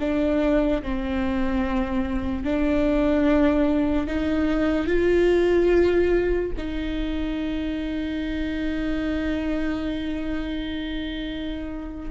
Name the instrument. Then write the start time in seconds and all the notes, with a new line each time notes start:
viola
0.00 D4
0.83 C4
2.44 D4
4.08 D#4
4.87 F4
6.58 D#4